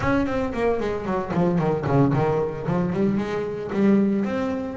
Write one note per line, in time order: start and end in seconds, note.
0.00 0.26 C#4
0.26 0.53 C4
0.53 0.80 A#3
0.80 1.05 G#3
1.05 1.31 F#3
1.33 1.58 F3
1.58 1.85 D#3
1.86 2.13 C#3
2.13 2.66 D#3
2.67 2.93 F3
2.93 3.17 G3
3.17 3.70 G#3
3.72 4.25 G3
4.25 4.76 C4